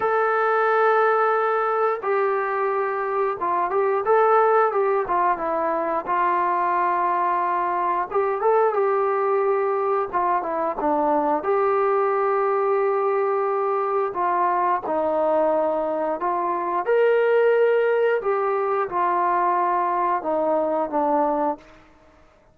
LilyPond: \new Staff \with { instrumentName = "trombone" } { \time 4/4 \tempo 4 = 89 a'2. g'4~ | g'4 f'8 g'8 a'4 g'8 f'8 | e'4 f'2. | g'8 a'8 g'2 f'8 e'8 |
d'4 g'2.~ | g'4 f'4 dis'2 | f'4 ais'2 g'4 | f'2 dis'4 d'4 | }